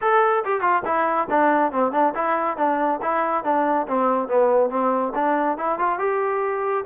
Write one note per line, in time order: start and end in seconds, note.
0.01 0.44 A4
0.45 0.61 G4
0.61 0.82 F4
0.85 1.28 E4
1.30 1.72 D4
1.72 1.92 C4
1.92 2.13 D4
2.14 2.57 E4
2.57 3.00 D4
3.02 3.44 E4
3.44 3.86 D4
3.87 4.28 C4
4.28 4.69 B3
4.69 5.12 C4
5.14 5.57 D4
5.57 5.78 E4
5.78 5.99 F4
5.99 6.84 G4